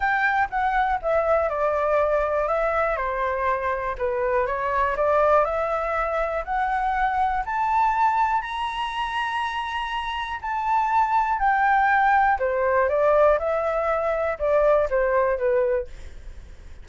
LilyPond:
\new Staff \with { instrumentName = "flute" } { \time 4/4 \tempo 4 = 121 g''4 fis''4 e''4 d''4~ | d''4 e''4 c''2 | b'4 cis''4 d''4 e''4~ | e''4 fis''2 a''4~ |
a''4 ais''2.~ | ais''4 a''2 g''4~ | g''4 c''4 d''4 e''4~ | e''4 d''4 c''4 b'4 | }